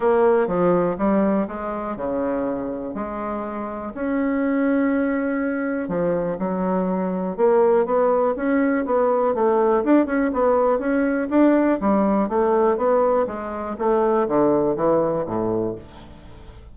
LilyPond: \new Staff \with { instrumentName = "bassoon" } { \time 4/4 \tempo 4 = 122 ais4 f4 g4 gis4 | cis2 gis2 | cis'1 | f4 fis2 ais4 |
b4 cis'4 b4 a4 | d'8 cis'8 b4 cis'4 d'4 | g4 a4 b4 gis4 | a4 d4 e4 a,4 | }